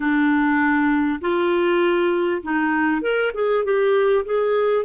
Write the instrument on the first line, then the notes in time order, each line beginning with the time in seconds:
clarinet
0.00 D4
1.21 F4
2.42 D#4
3.01 A#4
3.34 G#4
3.64 G4
4.25 G#4